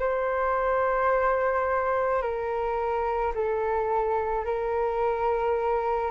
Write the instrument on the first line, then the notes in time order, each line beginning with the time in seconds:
flute
0.00 C5
2.22 A#4
3.35 A4
4.46 A#4